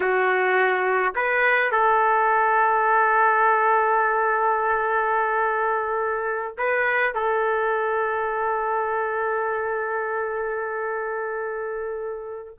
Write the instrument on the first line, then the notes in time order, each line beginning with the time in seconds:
trumpet
0.00 F#4
1.15 B4
1.71 A4
6.57 B4
7.14 A4